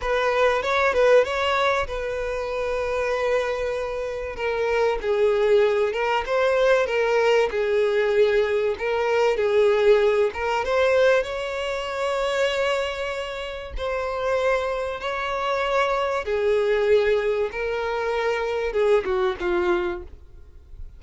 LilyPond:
\new Staff \with { instrumentName = "violin" } { \time 4/4 \tempo 4 = 96 b'4 cis''8 b'8 cis''4 b'4~ | b'2. ais'4 | gis'4. ais'8 c''4 ais'4 | gis'2 ais'4 gis'4~ |
gis'8 ais'8 c''4 cis''2~ | cis''2 c''2 | cis''2 gis'2 | ais'2 gis'8 fis'8 f'4 | }